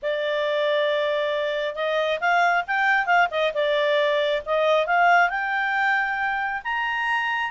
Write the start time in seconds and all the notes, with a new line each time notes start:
0.02 D5
1.75 D#5
2.20 F5
2.67 G5
3.06 F5
3.30 D#5
3.54 D5
4.45 D#5
4.86 F5
5.29 G5
6.64 A#5